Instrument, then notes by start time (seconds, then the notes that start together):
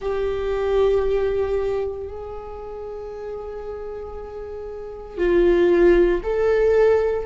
viola
0.00 G4
2.07 G#4
5.17 F4
6.23 A4